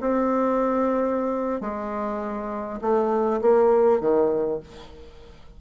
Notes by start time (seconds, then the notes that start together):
0.00 C4
1.60 G#3
2.81 A3
3.41 A#3
4.00 D#3